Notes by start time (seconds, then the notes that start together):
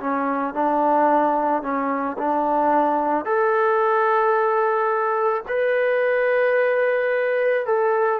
0.00 C#4
0.54 D4
1.62 C#4
2.18 D4
3.25 A4
5.48 B4
7.66 A4